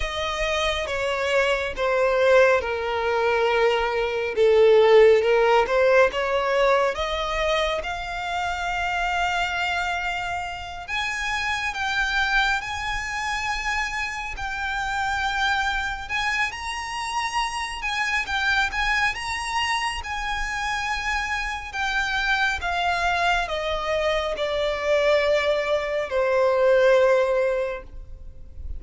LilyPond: \new Staff \with { instrumentName = "violin" } { \time 4/4 \tempo 4 = 69 dis''4 cis''4 c''4 ais'4~ | ais'4 a'4 ais'8 c''8 cis''4 | dis''4 f''2.~ | f''8 gis''4 g''4 gis''4.~ |
gis''8 g''2 gis''8 ais''4~ | ais''8 gis''8 g''8 gis''8 ais''4 gis''4~ | gis''4 g''4 f''4 dis''4 | d''2 c''2 | }